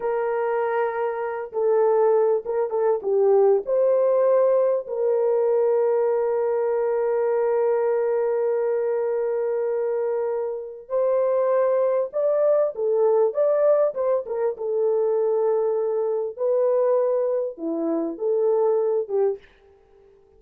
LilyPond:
\new Staff \with { instrumentName = "horn" } { \time 4/4 \tempo 4 = 99 ais'2~ ais'8 a'4. | ais'8 a'8 g'4 c''2 | ais'1~ | ais'1~ |
ais'2 c''2 | d''4 a'4 d''4 c''8 ais'8 | a'2. b'4~ | b'4 e'4 a'4. g'8 | }